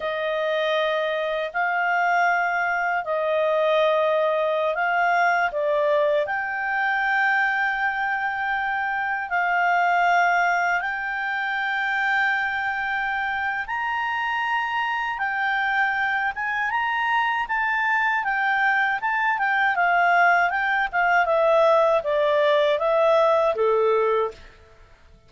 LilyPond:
\new Staff \with { instrumentName = "clarinet" } { \time 4/4 \tempo 4 = 79 dis''2 f''2 | dis''2~ dis''16 f''4 d''8.~ | d''16 g''2.~ g''8.~ | g''16 f''2 g''4.~ g''16~ |
g''2 ais''2 | g''4. gis''8 ais''4 a''4 | g''4 a''8 g''8 f''4 g''8 f''8 | e''4 d''4 e''4 a'4 | }